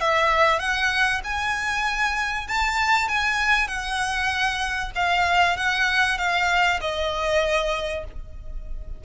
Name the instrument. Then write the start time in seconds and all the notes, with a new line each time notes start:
violin
0.00 E5
0.59 F#5
1.24 G#5
2.47 A5
3.08 G#5
3.67 F#5
4.95 F5
5.56 F#5
6.18 F5
6.80 D#5